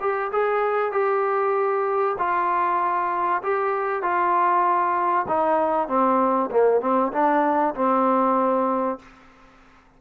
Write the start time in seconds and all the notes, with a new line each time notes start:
0.00 G4
0.32 G#4
0.92 G4
2.18 F4
3.42 G4
4.02 F4
5.28 D#4
5.88 C4
6.51 A#3
6.81 C4
7.12 D4
7.75 C4